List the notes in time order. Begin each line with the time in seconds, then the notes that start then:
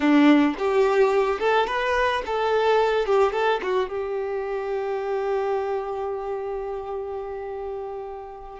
0.00 D4
0.58 G4
1.39 A4
1.66 B4
2.26 A4
3.06 G4
3.32 A4
3.62 F#4
3.89 G4